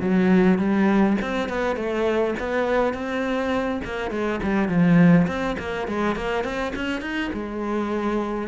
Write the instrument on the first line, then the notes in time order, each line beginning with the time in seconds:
cello
0.00 F#3
0.58 G3
1.21 C4
1.49 B3
1.76 A3
2.39 B3
2.93 C4
3.84 A#3
4.10 G#3
4.42 G3
4.68 F3
5.27 C4
5.58 A#3
5.87 G#3
6.15 A#3
6.43 C4
6.75 C#4
7.01 D#4
7.33 G#3